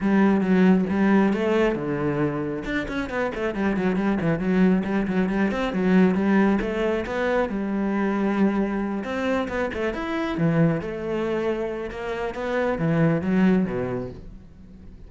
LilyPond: \new Staff \with { instrumentName = "cello" } { \time 4/4 \tempo 4 = 136 g4 fis4 g4 a4 | d2 d'8 cis'8 b8 a8 | g8 fis8 g8 e8 fis4 g8 fis8 | g8 c'8 fis4 g4 a4 |
b4 g2.~ | g8 c'4 b8 a8 e'4 e8~ | e8 a2~ a8 ais4 | b4 e4 fis4 b,4 | }